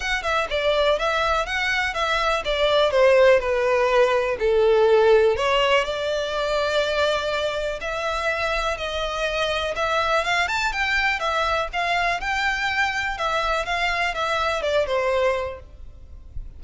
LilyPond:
\new Staff \with { instrumentName = "violin" } { \time 4/4 \tempo 4 = 123 fis''8 e''8 d''4 e''4 fis''4 | e''4 d''4 c''4 b'4~ | b'4 a'2 cis''4 | d''1 |
e''2 dis''2 | e''4 f''8 a''8 g''4 e''4 | f''4 g''2 e''4 | f''4 e''4 d''8 c''4. | }